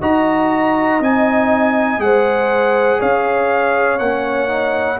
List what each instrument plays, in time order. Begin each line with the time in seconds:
0.00 tuba D#4, trombone F#4, horn D#5, trumpet A#5
1.00 tuba C4, trombone D#4, trumpet G#5
1.98 tuba G#3, trombone G#4, horn C5, trumpet F#5
3.00 tuba C#4, horn C#5, trumpet F5
3.99 tuba A#3, trombone C#4, trumpet F#5
4.48 trombone D#4